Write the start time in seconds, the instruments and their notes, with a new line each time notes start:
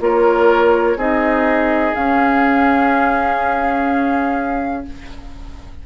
0.00 bassoon A#3, clarinet F4, oboe A#4, flute C#5
0.96 bassoon C4, clarinet D#4, oboe G#4, flute D#5
1.94 clarinet C#4, bassoon C#4, flute F5